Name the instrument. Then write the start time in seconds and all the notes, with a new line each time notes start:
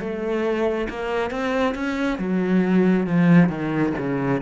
cello
0.00 A3
0.90 A#3
1.31 C4
1.75 C#4
2.19 F#3
3.07 F3
3.49 D#3
3.99 C#3